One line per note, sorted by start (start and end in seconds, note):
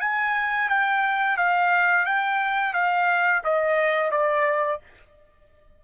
0.00 0.69 G#5
0.69 1.37 G5
1.37 2.05 F5
2.05 2.73 G5
2.73 3.42 F5
3.44 4.11 D#5
4.11 4.80 D5